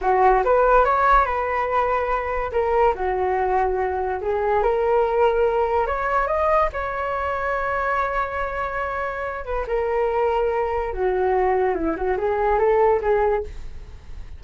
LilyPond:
\new Staff \with { instrumentName = "flute" } { \time 4/4 \tempo 4 = 143 fis'4 b'4 cis''4 b'4~ | b'2 ais'4 fis'4~ | fis'2 gis'4 ais'4~ | ais'2 cis''4 dis''4 |
cis''1~ | cis''2~ cis''8 b'8 ais'4~ | ais'2 fis'2 | e'8 fis'8 gis'4 a'4 gis'4 | }